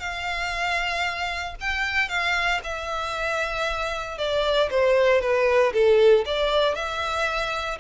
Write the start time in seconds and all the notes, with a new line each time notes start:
0.00 F5
1.61 G5
2.09 F5
2.64 E5
4.18 D5
4.71 C5
5.21 B4
5.73 A4
6.26 D5
6.75 E5